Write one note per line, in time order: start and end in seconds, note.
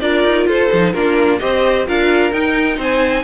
0.00 0.24 D4
0.00 0.70 F4
0.00 0.47 A#4
0.00 0.46 D5
0.24 0.46 D#4
0.46 0.69 F4
0.46 0.93 A4
0.46 0.92 C5
0.72 0.93 F3
0.72 0.95 D#4
0.92 1.40 A#3
0.92 1.40 D4
0.92 1.39 F4
0.92 1.39 A#4
1.39 1.87 C4
1.39 1.86 G4
1.39 1.86 C5
1.39 1.85 D#5
1.86 2.32 D4
1.86 2.32 F4
1.86 2.77 A#4
1.86 2.32 F5
2.32 2.77 D#4
2.32 3.24 D#4
2.32 2.78 G5
2.77 3.24 C4
2.77 3.23 C5
2.77 3.24 G#5